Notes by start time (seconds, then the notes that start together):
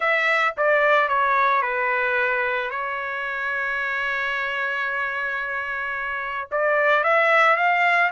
0.00 E5
0.57 D5
1.08 C#5
1.62 B4
2.70 C#5
6.51 D5
7.03 E5
7.56 F5